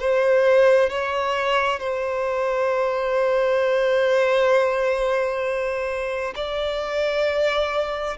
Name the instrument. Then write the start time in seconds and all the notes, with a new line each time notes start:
violin
0.00 C5
0.90 C#5
1.80 C5
6.36 D5